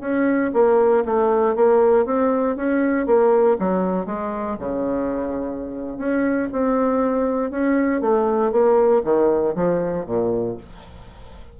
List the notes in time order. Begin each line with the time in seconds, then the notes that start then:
0.00 C#4
0.53 A#3
1.05 A3
1.56 A#3
2.05 C4
2.56 C#4
3.06 A#3
3.59 F#3
4.06 G#3
4.59 C#3
5.98 C#4
6.52 C4
7.51 C#4
8.01 A3
8.52 A#3
9.04 D#3
9.55 F3
10.06 A#2